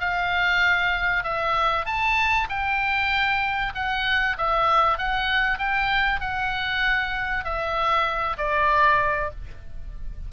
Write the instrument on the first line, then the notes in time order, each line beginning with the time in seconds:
oboe
0.00 F5
1.24 E5
1.86 A5
2.49 G5
3.75 F#5
4.38 E5
4.98 F#5
5.58 G5
6.21 F#5
7.44 E5
8.38 D5